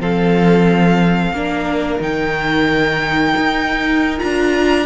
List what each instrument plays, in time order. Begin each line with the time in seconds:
0.00 cello F3, viola C4, violin A4 F5
1.32 cello A#3, viola D4, violin A#4
2.00 cello D#3, viola D#4, violin G5
3.36 cello D#4
4.18 cello D4, viola F4, violin A#5